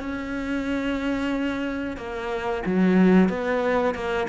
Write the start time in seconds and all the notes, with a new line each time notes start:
0.00 C#4
1.97 A#3
2.66 F#3
3.29 B3
3.94 A#3